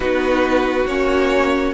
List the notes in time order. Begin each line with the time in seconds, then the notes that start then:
0.00 B3 D#4 F#4 B4
0.86 A#3 C#4 C#5